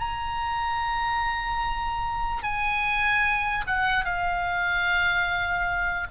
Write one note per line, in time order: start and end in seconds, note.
0.00 2.43 A#5
2.44 3.65 G#5
3.67 4.05 F#5
4.05 6.08 F5